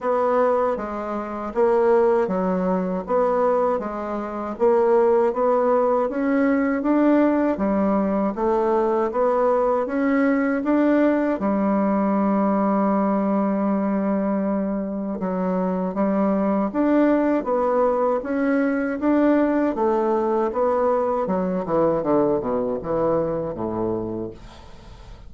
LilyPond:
\new Staff \with { instrumentName = "bassoon" } { \time 4/4 \tempo 4 = 79 b4 gis4 ais4 fis4 | b4 gis4 ais4 b4 | cis'4 d'4 g4 a4 | b4 cis'4 d'4 g4~ |
g1 | fis4 g4 d'4 b4 | cis'4 d'4 a4 b4 | fis8 e8 d8 b,8 e4 a,4 | }